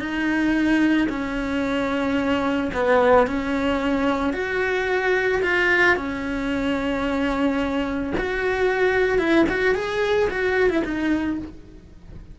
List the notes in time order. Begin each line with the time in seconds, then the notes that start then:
0.00 D#4
1.10 C#4
2.74 B3
3.27 C#4
4.34 F#4
5.43 F4
5.97 C#4
8.18 F#4
9.19 E4
9.50 F#4
9.75 G#4
10.30 F#4
10.70 E4
10.85 D#4